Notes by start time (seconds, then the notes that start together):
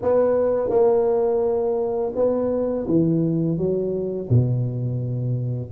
0.02 B3
0.69 A#3
2.15 B3
2.87 E3
3.57 F#3
4.29 B2